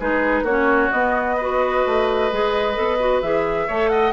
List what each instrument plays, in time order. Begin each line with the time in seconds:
0.00 bassoon G#3, clarinet D#4, oboe G#4, flute B4
0.42 bassoon A#3, clarinet C#4, oboe F#4, flute C#5
0.91 clarinet B3, bassoon B3, flute D#5
1.37 clarinet F#4, oboe B4
1.86 bassoon A3
2.31 bassoon G#3, clarinet G#4
2.75 bassoon B3, clarinet A4
3.00 clarinet F#4
3.22 bassoon E3, clarinet G#4, flute E5
3.67 bassoon A3, clarinet A4, oboe C#5
3.89 oboe D#5, flute F#5